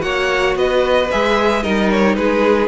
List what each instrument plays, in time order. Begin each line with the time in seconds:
0.00 cello A#3, viola F#4, violin C#5 F#5
0.56 cello B3, violin B4 D#5
1.11 cello G#3, viola G#4, violin E5
1.63 cello G3, viola D#4, violin A#4 D#5
1.91 violin C#5
2.16 cello G#3, violin G#4 B4